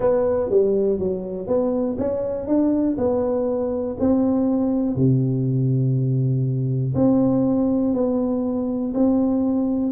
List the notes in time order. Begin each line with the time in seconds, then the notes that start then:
0.00 B3
0.50 G3
0.98 F#3
1.47 B3
1.98 C#4
2.47 D4
2.97 B3
3.99 C4
4.95 C3
6.94 C4
7.93 B3
8.94 C4